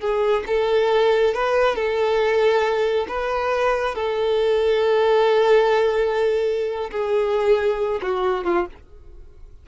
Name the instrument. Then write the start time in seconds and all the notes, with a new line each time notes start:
violin
0.00 G#4
0.47 A4
1.34 B4
1.75 A4
3.08 B4
3.95 A4
6.91 G#4
8.02 F#4
8.44 F4